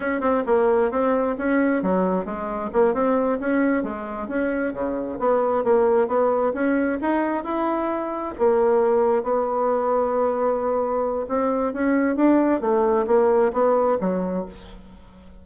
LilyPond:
\new Staff \with { instrumentName = "bassoon" } { \time 4/4 \tempo 4 = 133 cis'8 c'8 ais4 c'4 cis'4 | fis4 gis4 ais8 c'4 cis'8~ | cis'8 gis4 cis'4 cis4 b8~ | b8 ais4 b4 cis'4 dis'8~ |
dis'8 e'2 ais4.~ | ais8 b2.~ b8~ | b4 c'4 cis'4 d'4 | a4 ais4 b4 fis4 | }